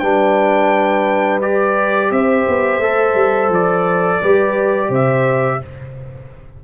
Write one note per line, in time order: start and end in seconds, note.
0.00 2.11 G3
0.00 1.42 D4
0.00 2.12 B4
0.00 1.40 G5
1.42 2.82 G4
1.42 2.12 D5
2.11 2.46 C4
2.11 4.22 C5
2.11 3.52 E5
2.48 2.80 B3
2.80 3.14 A3
2.80 4.22 A4
3.15 3.49 G3
3.49 4.19 F3
3.49 4.93 D5
4.22 4.90 G3
4.22 5.62 G4
4.22 4.89 B4
4.89 5.59 C3
4.89 5.59 C5
4.89 5.65 E5